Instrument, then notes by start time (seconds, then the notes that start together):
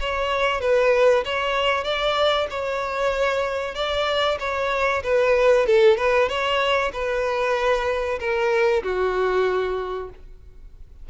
violin
0.00 C#5
0.61 B4
1.25 C#5
1.84 D5
2.50 C#5
3.75 D5
4.40 C#5
5.03 B4
5.66 A4
5.97 B4
6.28 C#5
6.93 B4
8.20 A#4
8.83 F#4